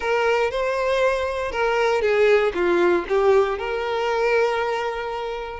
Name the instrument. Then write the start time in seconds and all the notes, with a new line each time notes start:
violin
0.00 A#4
0.51 C5
1.51 A#4
2.01 G#4
2.54 F4
3.08 G4
3.58 A#4